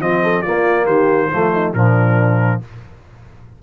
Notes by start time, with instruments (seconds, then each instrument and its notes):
0.00 tuba F3, trombone C4, horn F4, trumpet D#5
0.23 horn A4
0.42 trombone A#3, tuba A#3, horn F4, trumpet D5
0.85 tuba D#3, horn G4, trumpet C5
1.32 tuba F3, trombone A3, horn F4
1.53 horn D#4
1.73 tuba A#2, trombone F3, horn D4, trumpet A#4